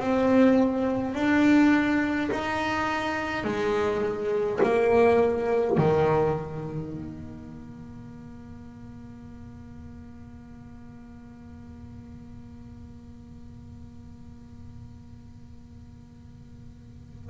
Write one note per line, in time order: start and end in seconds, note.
0.00 1.15 C4
1.15 2.30 D4
2.32 3.45 D#4
3.45 4.60 G#3
4.63 5.77 A#3
5.77 6.93 D#3
6.93 17.30 A#3